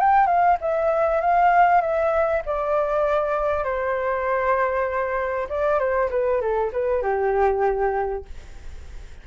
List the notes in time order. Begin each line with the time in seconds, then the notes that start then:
0.00 G5
0.27 F5
0.61 E5
1.21 F5
1.81 E5
2.46 D5
3.64 C5
5.50 D5
5.79 C5
6.11 B4
6.41 A4
6.73 B4
7.03 G4